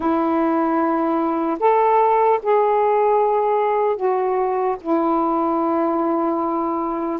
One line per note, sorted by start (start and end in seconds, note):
0.00 1.58 E4
1.59 2.39 A4
2.42 3.96 G#4
3.96 4.76 F#4
4.80 7.19 E4